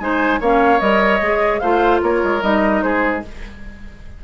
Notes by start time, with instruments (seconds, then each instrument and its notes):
0.00 bassoon G#3, clarinet D#4, oboe C5, flute G#5
0.41 bassoon A#3, clarinet C#4, oboe C#5, flute F5
0.80 bassoon G3, clarinet A#4, flute D#5
1.21 bassoon G#3, clarinet G#4
1.60 bassoon A3, clarinet F4, oboe C5, flute F5
2.03 bassoon A#3, oboe A#4, flute C#5
2.24 bassoon G#3
2.42 bassoon G3, clarinet D#4, flute D#5
2.83 bassoon G#3, oboe G#4, flute C5